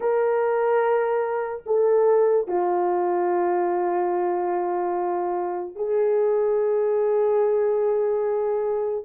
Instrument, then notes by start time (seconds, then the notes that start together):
horn
0.00 A#4
1.66 A4
2.47 F4
5.75 G#4